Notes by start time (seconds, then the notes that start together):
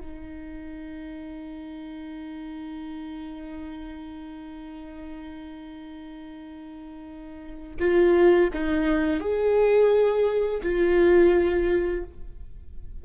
0.00 D#4
7.80 F4
8.53 D#4
9.20 G#4
10.62 F4